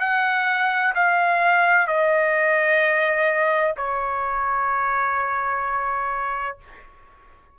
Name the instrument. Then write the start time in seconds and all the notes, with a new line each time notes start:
trumpet
0.00 F#5
0.95 F5
1.87 D#5
3.77 C#5